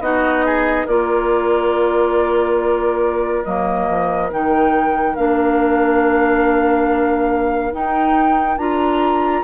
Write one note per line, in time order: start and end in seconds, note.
0.00 0.86 B3
0.00 0.87 D#4
0.00 0.45 F#4
0.00 0.86 D#5
0.45 0.86 G#4
0.86 3.45 A#3
0.86 3.45 F4
0.86 9.43 A#4
0.86 3.44 D5
3.44 3.89 F#3
3.44 4.31 A#3
3.44 4.30 D#5
3.89 4.32 F3
4.31 5.17 D#3
4.31 5.16 D#4
4.31 5.16 G5
5.16 7.73 A#3
5.16 7.72 D4
5.16 7.73 F5
7.72 8.57 D#4
7.72 8.58 G5
8.57 9.43 D4
8.57 9.44 F4
8.57 9.44 A#5